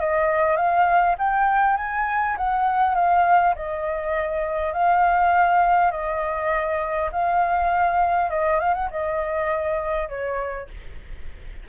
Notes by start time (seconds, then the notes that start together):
0.00 D#5
0.56 F5
1.18 G5
1.77 G#5
2.37 F#5
2.95 F5
3.55 D#5
4.73 F5
5.91 D#5
7.12 F5
8.30 D#5
8.59 F5
8.74 F#5
8.90 D#5
10.09 C#5